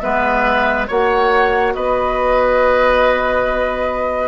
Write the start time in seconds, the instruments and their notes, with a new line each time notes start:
0.00 bassoon G#3, clarinet B3, oboe B4, flute E5
0.86 bassoon A#3, clarinet F#4, oboe C#5, flute F#5
1.74 bassoon B3, oboe B4, flute D#5